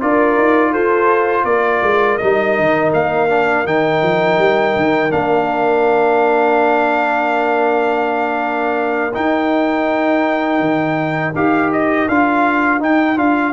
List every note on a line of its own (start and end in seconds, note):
0.00 0.37 D4
0.00 2.20 F4
0.00 0.71 A#4
0.00 0.72 D5
0.37 0.73 D#4
0.71 1.44 F4
0.71 1.44 A4
0.71 1.44 C5
1.44 1.81 A#3
1.44 13.53 A#4
1.44 2.17 D5
1.81 2.18 G#3
2.17 2.58 G3
2.17 3.28 D#4
2.17 2.90 D#5
2.58 2.93 D#3
2.93 3.65 A#3
2.93 3.66 F5
3.28 3.65 D4
3.65 4.01 D#3
3.65 5.09 D#4
3.65 5.11 G5
4.02 4.38 F3
4.38 4.74 G3
4.76 5.12 D#3
5.09 9.15 A#3
5.09 9.12 D4
5.09 9.14 F5
9.13 11.33 D#4
9.13 10.60 D#4
9.13 11.34 G5
10.60 11.33 D#3
11.34 12.07 D#4
11.34 12.08 G4
11.34 11.71 F5
11.72 12.08 D#5
12.08 12.80 D4
12.08 12.79 F4
12.08 12.81 F5
12.79 13.16 D#4
12.79 13.18 G5
13.16 13.53 D4
13.16 13.52 F4
13.16 13.53 F5